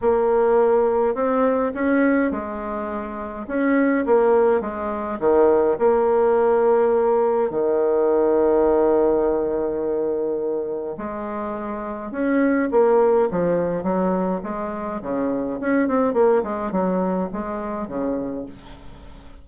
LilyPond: \new Staff \with { instrumentName = "bassoon" } { \time 4/4 \tempo 4 = 104 ais2 c'4 cis'4 | gis2 cis'4 ais4 | gis4 dis4 ais2~ | ais4 dis2.~ |
dis2. gis4~ | gis4 cis'4 ais4 f4 | fis4 gis4 cis4 cis'8 c'8 | ais8 gis8 fis4 gis4 cis4 | }